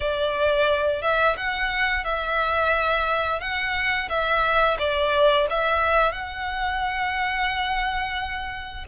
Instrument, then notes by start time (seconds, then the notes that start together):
violin
0.00 D5
1.01 E5
1.36 F#5
2.04 E5
3.40 F#5
4.09 E5
4.78 D5
5.49 E5
6.11 F#5